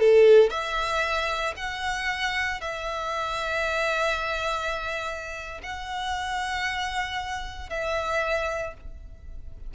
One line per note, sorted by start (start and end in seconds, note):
0.00 0.50 A4
0.50 1.54 E5
1.57 2.61 F#5
2.61 5.61 E5
5.63 7.70 F#5
7.70 8.74 E5